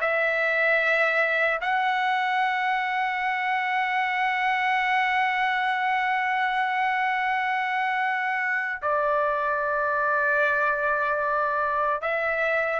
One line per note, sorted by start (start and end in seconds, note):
0.00 1.60 E5
1.61 8.81 F#5
8.81 12.01 D5
12.01 12.80 E5